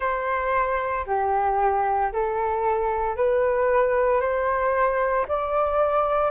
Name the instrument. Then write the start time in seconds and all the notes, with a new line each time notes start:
flute
0.00 C5
1.06 G4
2.12 A4
3.16 B4
4.21 C5
5.27 D5